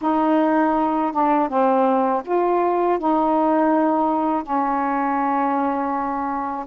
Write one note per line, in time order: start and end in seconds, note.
0.01 1.12 D#4
1.12 1.48 D4
1.48 2.23 C4
2.25 2.98 F4
2.98 4.43 D#4
4.43 6.65 C#4